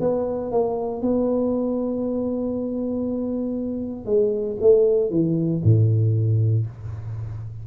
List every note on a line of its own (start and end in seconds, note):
0.00 0.51 B3
0.52 1.02 A#3
1.02 4.05 B3
4.05 4.56 G#3
4.61 5.10 A3
5.10 5.62 E3
5.64 6.66 A2